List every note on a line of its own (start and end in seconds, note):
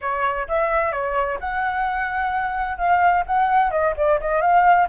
0.01 0.47 C#5
0.48 0.92 E5
0.92 1.38 C#5
1.40 2.77 F#5
2.77 3.24 F5
3.26 3.71 F#5
3.71 3.94 D#5
3.96 4.20 D5
4.20 4.41 D#5
4.41 4.87 F5